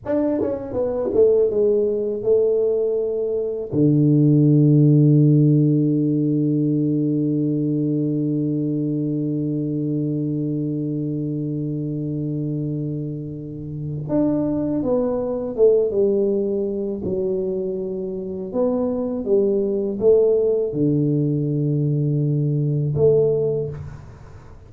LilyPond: \new Staff \with { instrumentName = "tuba" } { \time 4/4 \tempo 4 = 81 d'8 cis'8 b8 a8 gis4 a4~ | a4 d2.~ | d1~ | d1~ |
d2. d'4 | b4 a8 g4. fis4~ | fis4 b4 g4 a4 | d2. a4 | }